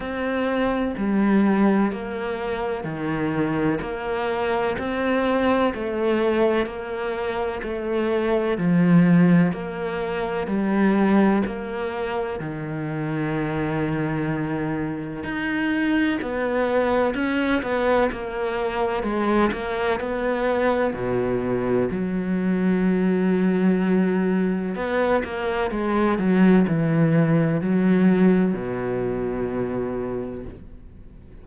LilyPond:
\new Staff \with { instrumentName = "cello" } { \time 4/4 \tempo 4 = 63 c'4 g4 ais4 dis4 | ais4 c'4 a4 ais4 | a4 f4 ais4 g4 | ais4 dis2. |
dis'4 b4 cis'8 b8 ais4 | gis8 ais8 b4 b,4 fis4~ | fis2 b8 ais8 gis8 fis8 | e4 fis4 b,2 | }